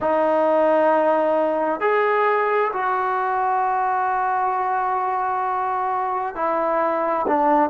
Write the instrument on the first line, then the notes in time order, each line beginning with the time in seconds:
trombone
0.00 D#4
1.80 G#4
2.73 F#4
6.35 E4
7.27 D4